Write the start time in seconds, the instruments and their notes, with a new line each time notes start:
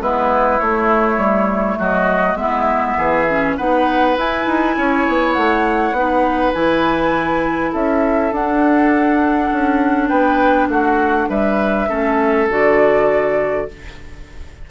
0.00 bassoon G#3, clarinet B3, oboe E4, flute B4
0.59 bassoon A3, clarinet A3, flute C#5
1.18 bassoon G3
1.78 bassoon F#3, oboe F#4, flute D#5
2.35 bassoon G#3, clarinet B3, oboe E4, flute E5
2.98 bassoon E3, oboe G#4
3.29 clarinet C#4
3.57 bassoon B3, clarinet D#4, oboe B4, flute F#5
4.16 clarinet E4, bassoon E4, flute G#5
4.46 bassoon D#4
4.77 bassoon C#4, oboe C#5
5.08 bassoon B3
5.33 bassoon A3, flute F#5
5.92 bassoon B3, clarinet D#4
5.98 oboe B4
6.53 bassoon E3, clarinet E4, flute G#5
7.72 bassoon C#4, oboe A4, flute E5
8.32 bassoon D4, clarinet D4, flute F#5
9.52 bassoon C#4
10.08 bassoon B3, oboe B4, flute G5
10.68 bassoon A3, oboe F#4, flute F#5
11.29 bassoon G3, oboe B4, flute E5
11.89 bassoon A3, clarinet C#4, oboe A4
12.49 bassoon D3, clarinet F#4, flute D5